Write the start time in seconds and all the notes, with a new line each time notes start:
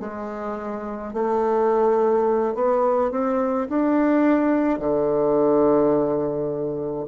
0.00 G#3
1.13 A3
2.55 B3
3.11 C4
3.69 D4
4.79 D3